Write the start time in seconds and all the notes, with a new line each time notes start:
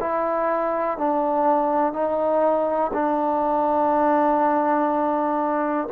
0.00 E4
0.98 D4
1.93 D#4
2.94 D4